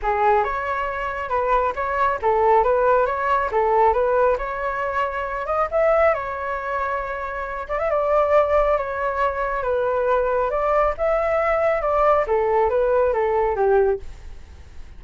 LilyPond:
\new Staff \with { instrumentName = "flute" } { \time 4/4 \tempo 4 = 137 gis'4 cis''2 b'4 | cis''4 a'4 b'4 cis''4 | a'4 b'4 cis''2~ | cis''8 dis''8 e''4 cis''2~ |
cis''4. d''16 e''16 d''2 | cis''2 b'2 | d''4 e''2 d''4 | a'4 b'4 a'4 g'4 | }